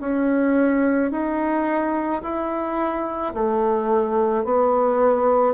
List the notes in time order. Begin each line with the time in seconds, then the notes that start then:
0.00 C#4
1.11 D#4
2.22 E4
3.34 A3
4.44 B3